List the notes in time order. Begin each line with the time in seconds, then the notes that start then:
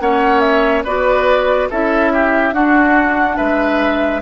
0.00 A#3 C#4 C#5 F#5
0.40 E5
0.84 B3 F#4 B4 D5
1.70 C#4 E4 A4 E5
2.13 G4
2.53 D4 F#4 F#5
3.36 G#3 B4 E5